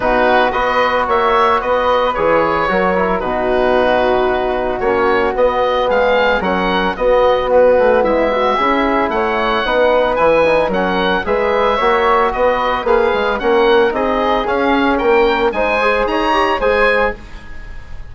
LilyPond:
<<
  \new Staff \with { instrumentName = "oboe" } { \time 4/4 \tempo 4 = 112 b'4 dis''4 e''4 dis''4 | cis''2 b'2~ | b'4 cis''4 dis''4 f''4 | fis''4 dis''4 b'4 e''4~ |
e''4 fis''2 gis''4 | fis''4 e''2 dis''4 | f''4 fis''4 dis''4 f''4 | g''4 gis''4 ais''4 gis''4 | }
  \new Staff \with { instrumentName = "flute" } { \time 4/4 fis'4 b'4 cis''4 b'4~ | b'4 ais'4 fis'2~ | fis'2. gis'4 | ais'4 fis'2 e'8 fis'8 |
gis'4 cis''4 b'2 | ais'4 b'4 cis''4 b'4~ | b'4 ais'4 gis'2 | ais'4 c''4 cis''4 c''4 | }
  \new Staff \with { instrumentName = "trombone" } { \time 4/4 dis'4 fis'2. | gis'4 fis'8 e'8 dis'2~ | dis'4 cis'4 b2 | cis'4 b2. |
e'2 dis'4 e'8 dis'8 | cis'4 gis'4 fis'2 | gis'4 cis'4 dis'4 cis'4~ | cis'4 dis'8 gis'4 g'8 gis'4 | }
  \new Staff \with { instrumentName = "bassoon" } { \time 4/4 b,4 b4 ais4 b4 | e4 fis4 b,2~ | b,4 ais4 b4 gis4 | fis4 b4. a8 gis4 |
cis'4 a4 b4 e4 | fis4 gis4 ais4 b4 | ais8 gis8 ais4 c'4 cis'4 | ais4 gis4 dis'4 gis4 | }
>>